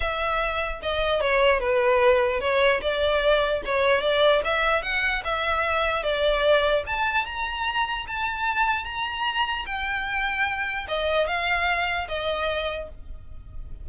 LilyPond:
\new Staff \with { instrumentName = "violin" } { \time 4/4 \tempo 4 = 149 e''2 dis''4 cis''4 | b'2 cis''4 d''4~ | d''4 cis''4 d''4 e''4 | fis''4 e''2 d''4~ |
d''4 a''4 ais''2 | a''2 ais''2 | g''2. dis''4 | f''2 dis''2 | }